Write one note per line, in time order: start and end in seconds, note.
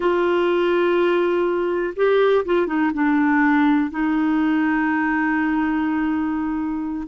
0.00 1.94 F4
1.96 2.44 G4
2.45 2.67 F4
2.67 2.91 D#4
2.93 3.90 D4
3.90 7.07 D#4